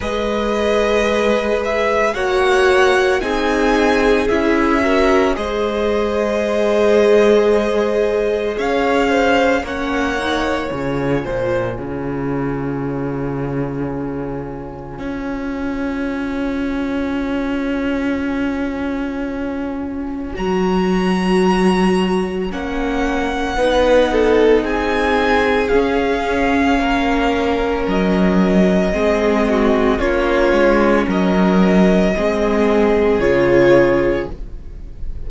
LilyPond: <<
  \new Staff \with { instrumentName = "violin" } { \time 4/4 \tempo 4 = 56 dis''4. e''8 fis''4 gis''4 | e''4 dis''2. | f''4 fis''4 gis''2~ | gis''1~ |
gis''2. ais''4~ | ais''4 fis''2 gis''4 | f''2 dis''2 | cis''4 dis''2 cis''4 | }
  \new Staff \with { instrumentName = "violin" } { \time 4/4 b'2 cis''4 gis'4~ | gis'8 ais'8 c''2. | cis''8 c''8 cis''4. c''8 cis''4~ | cis''1~ |
cis''1~ | cis''2 b'8 a'8 gis'4~ | gis'4 ais'2 gis'8 fis'8 | f'4 ais'4 gis'2 | }
  \new Staff \with { instrumentName = "viola" } { \time 4/4 gis'2 fis'4 dis'4 | e'8 fis'8 gis'2.~ | gis'4 cis'8 dis'8 f'2~ | f'1~ |
f'2. fis'4~ | fis'4 cis'4 dis'2 | cis'2. c'4 | cis'2 c'4 f'4 | }
  \new Staff \with { instrumentName = "cello" } { \time 4/4 gis2 ais4 c'4 | cis'4 gis2. | cis'4 ais4 cis8 ais,8 cis4~ | cis2 cis'2~ |
cis'2. fis4~ | fis4 ais4 b4 c'4 | cis'4 ais4 fis4 gis4 | ais8 gis8 fis4 gis4 cis4 | }
>>